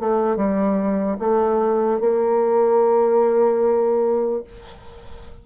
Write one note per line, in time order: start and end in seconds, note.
0.00 0.36 A3
0.36 1.18 G3
1.19 2.00 A3
2.00 4.44 A#3